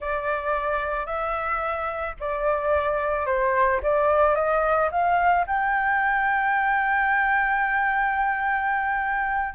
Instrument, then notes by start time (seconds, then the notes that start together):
flute
0.00 D5
1.05 E5
2.20 D5
3.26 C5
3.82 D5
4.35 D#5
4.91 F5
5.46 G5